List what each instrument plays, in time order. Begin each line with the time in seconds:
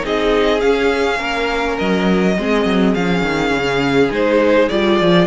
0.00 cello C4, viola D#4, violin G#4 D#5
0.60 viola C#4, cello C#4, violin F5
1.18 cello A#3, violin A#4
1.78 cello F#3, violin D#5
2.38 cello G#3, viola C4, violin G#4
2.65 cello F#3
2.94 cello F3, viola C#4, violin F5
3.21 cello D#3
3.50 cello C#3
4.11 cello G#3, viola D#4, violin C5
4.69 cello G3, viola F4, violin D5
5.00 cello F3